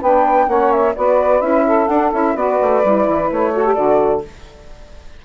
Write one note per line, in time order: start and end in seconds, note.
0.00 0.48 B3
0.00 0.48 D4
0.00 0.47 B4
0.00 0.49 G5
0.48 0.95 A#3
0.48 0.94 C#4
0.48 0.96 C#5
0.48 0.72 F#5
0.72 0.95 E5
0.96 1.41 B3
0.96 1.41 F#4
0.96 1.66 B4
0.96 1.42 D5
1.41 1.88 C#4
1.41 1.87 E4
1.41 1.88 E5
1.66 2.36 A4
1.88 2.12 D4
1.88 2.13 D4
1.88 2.11 F#5
2.13 2.35 C#4
2.13 2.36 E4
2.13 2.37 E5
2.35 2.59 B3
2.35 2.83 F#4
2.35 3.55 B4
2.35 3.30 D5
2.62 2.84 A3
2.84 3.07 G3
2.84 3.54 E4
3.07 3.31 E3
3.32 3.77 A3
3.32 3.74 C#5
3.55 3.66 F#4
3.55 4.25 A4
3.66 3.76 G4
3.74 4.24 D3
3.74 4.23 F#4
3.74 4.21 D5